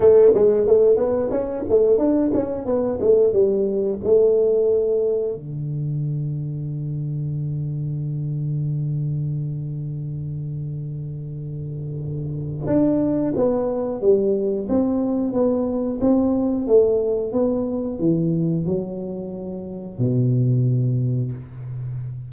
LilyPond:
\new Staff \with { instrumentName = "tuba" } { \time 4/4 \tempo 4 = 90 a8 gis8 a8 b8 cis'8 a8 d'8 cis'8 | b8 a8 g4 a2 | d1~ | d1~ |
d2. d'4 | b4 g4 c'4 b4 | c'4 a4 b4 e4 | fis2 b,2 | }